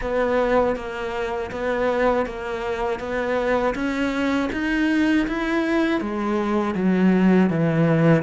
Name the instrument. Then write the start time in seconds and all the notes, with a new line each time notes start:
cello
0.01 B3
0.75 A#3
1.51 B3
2.26 A#3
2.99 B3
3.74 C#4
4.52 D#4
5.27 E4
6.00 G#3
6.75 F#3
7.50 E3